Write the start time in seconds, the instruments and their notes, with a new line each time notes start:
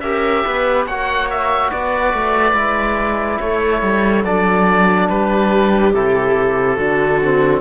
0.00 cello C#4, trombone G4, viola A#4, oboe E5
0.45 cello B3, viola B4
0.86 cello A#3, trombone F#4, viola C#5, oboe F#5
1.30 oboe E5
1.71 cello B3, viola B4, oboe D5
2.14 cello A3
2.53 cello G#3, trombone E4
3.40 cello A3, viola A4, oboe C#5
3.82 cello G3
4.24 cello F#3, trombone D4, oboe D5
5.09 cello G3, viola G4, oboe B4
5.94 cello C3, trombone E4, oboe A4
6.77 cello D3, trombone D4, viola F#4
7.22 trombone C4